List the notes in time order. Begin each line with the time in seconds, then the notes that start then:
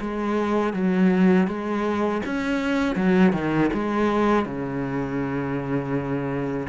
0.00 G#3
0.73 F#3
1.47 G#3
2.25 C#4
2.96 F#3
3.32 D#3
3.73 G#3
4.45 C#3